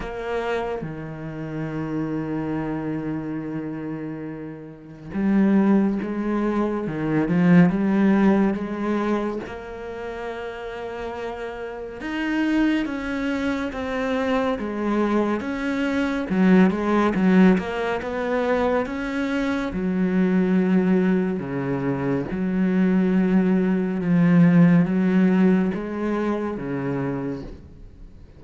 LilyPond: \new Staff \with { instrumentName = "cello" } { \time 4/4 \tempo 4 = 70 ais4 dis2.~ | dis2 g4 gis4 | dis8 f8 g4 gis4 ais4~ | ais2 dis'4 cis'4 |
c'4 gis4 cis'4 fis8 gis8 | fis8 ais8 b4 cis'4 fis4~ | fis4 cis4 fis2 | f4 fis4 gis4 cis4 | }